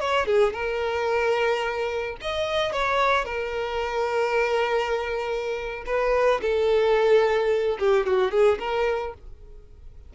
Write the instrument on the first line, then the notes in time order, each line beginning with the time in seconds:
violin
0.00 C#5
0.26 G#4
0.53 A#4
2.21 D#5
2.72 C#5
3.25 A#4
5.86 B4
6.42 A4
7.79 G4
8.07 F#4
8.31 G#4
8.59 A#4